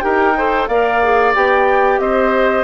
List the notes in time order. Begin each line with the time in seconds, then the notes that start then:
0.00 D#4 G4 A#4 G5
0.37 A4 C5
0.68 A#3 A#4 D5 F5
1.04 G#4
1.35 B3 G4 G5
1.99 C4 C5 D#5